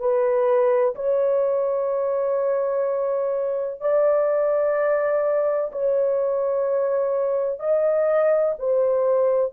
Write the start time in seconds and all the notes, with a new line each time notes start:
0.00 B4
0.96 C#5
3.81 D5
5.73 C#5
7.60 D#5
8.59 C5